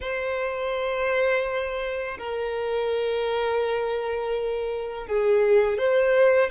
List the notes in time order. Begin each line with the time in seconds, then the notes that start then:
0.00 C5
2.18 A#4
5.07 G#4
5.78 C5